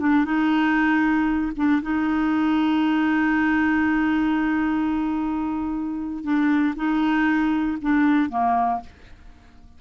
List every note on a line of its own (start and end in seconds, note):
0.00 0.25 D4
0.25 1.53 D#4
1.57 1.82 D4
1.83 6.24 D#4
6.24 6.75 D4
6.77 7.78 D#4
7.82 8.30 D4
8.30 8.81 A#3